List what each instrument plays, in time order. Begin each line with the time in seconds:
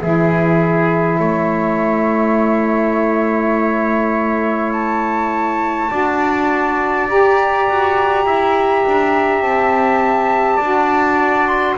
0.00 double bass E3, saxophone E4, trumpet G#4, flute E5
1.19 double bass A3, trumpet C#5
4.72 flute A5
5.90 double bass D4, saxophone F#4, trumpet D5
7.08 saxophone G4, double bass G4, flute A#5
7.68 double bass F#4
8.25 double bass E4, trumpet E5
8.86 double bass D4
9.41 double bass C4, flute A5
10.56 double bass D4, saxophone F#4, trumpet D5
11.47 flute C6